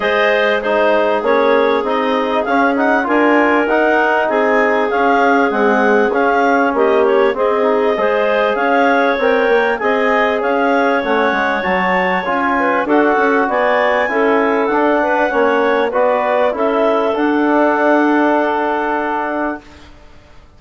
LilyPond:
<<
  \new Staff \with { instrumentName = "clarinet" } { \time 4/4 \tempo 4 = 98 dis''4 c''4 cis''4 dis''4 | f''8 fis''8 gis''4 fis''4 gis''4 | f''4 fis''4 f''4 dis''8 cis''8 | dis''2 f''4 g''4 |
gis''4 f''4 fis''4 a''4 | gis''4 fis''4 gis''2 | fis''2 d''4 e''4 | fis''1 | }
  \new Staff \with { instrumentName = "clarinet" } { \time 4/4 c''4 gis'2.~ | gis'4 ais'2 gis'4~ | gis'2. g'4 | gis'4 c''4 cis''2 |
dis''4 cis''2.~ | cis''8 b'8 a'4 d''4 a'4~ | a'8 b'8 cis''4 b'4 a'4~ | a'1 | }
  \new Staff \with { instrumentName = "trombone" } { \time 4/4 gis'4 dis'4 cis'4 dis'4 | cis'8 dis'8 f'4 dis'2 | cis'4 gis4 cis'2 | c'8 dis'8 gis'2 ais'4 |
gis'2 cis'4 fis'4 | f'4 fis'2 e'4 | d'4 cis'4 fis'4 e'4 | d'1 | }
  \new Staff \with { instrumentName = "bassoon" } { \time 4/4 gis2 ais4 c'4 | cis'4 d'4 dis'4 c'4 | cis'4 c'4 cis'4 ais4 | c'4 gis4 cis'4 c'8 ais8 |
c'4 cis'4 a8 gis8 fis4 | cis'4 d'8 cis'8 b4 cis'4 | d'4 ais4 b4 cis'4 | d'1 | }
>>